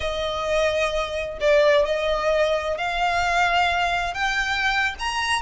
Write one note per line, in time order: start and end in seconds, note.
0.00 1.38 D#5
1.40 1.85 D5
1.85 2.77 D#5
2.77 4.14 F5
4.14 4.94 G5
4.99 5.41 A#5